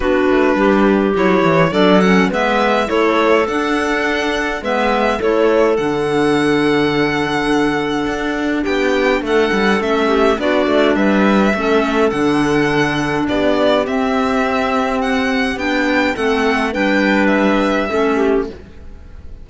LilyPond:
<<
  \new Staff \with { instrumentName = "violin" } { \time 4/4 \tempo 4 = 104 b'2 cis''4 d''8 fis''8 | e''4 cis''4 fis''2 | e''4 cis''4 fis''2~ | fis''2. g''4 |
fis''4 e''4 d''4 e''4~ | e''4 fis''2 d''4 | e''2 fis''4 g''4 | fis''4 g''4 e''2 | }
  \new Staff \with { instrumentName = "clarinet" } { \time 4/4 fis'4 g'2 a'4 | b'4 a'2. | b'4 a'2.~ | a'2. g'4 |
a'4. g'8 fis'4 b'4 | a'2. g'4~ | g'1 | a'4 b'2 a'8 g'8 | }
  \new Staff \with { instrumentName = "clarinet" } { \time 4/4 d'2 e'4 d'8 cis'8 | b4 e'4 d'2 | b4 e'4 d'2~ | d'1~ |
d'4 cis'4 d'2 | cis'4 d'2. | c'2. d'4 | c'4 d'2 cis'4 | }
  \new Staff \with { instrumentName = "cello" } { \time 4/4 b8 a8 g4 fis8 e8 fis4 | gis4 a4 d'2 | gis4 a4 d2~ | d2 d'4 b4 |
a8 g8 a4 b8 a8 g4 | a4 d2 b4 | c'2. b4 | a4 g2 a4 | }
>>